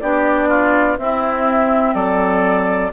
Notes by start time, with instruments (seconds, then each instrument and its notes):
0.00 bassoon B3, clarinet D4, oboe G4, flute D5
0.49 oboe F4
0.97 clarinet C4, bassoon C4, oboe E4, flute E5
1.94 bassoon F#3, oboe A4, flute D5